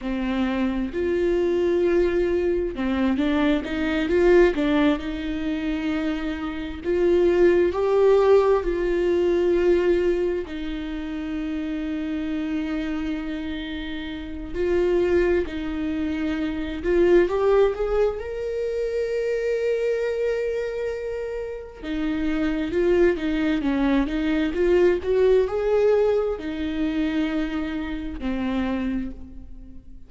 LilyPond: \new Staff \with { instrumentName = "viola" } { \time 4/4 \tempo 4 = 66 c'4 f'2 c'8 d'8 | dis'8 f'8 d'8 dis'2 f'8~ | f'8 g'4 f'2 dis'8~ | dis'1 |
f'4 dis'4. f'8 g'8 gis'8 | ais'1 | dis'4 f'8 dis'8 cis'8 dis'8 f'8 fis'8 | gis'4 dis'2 c'4 | }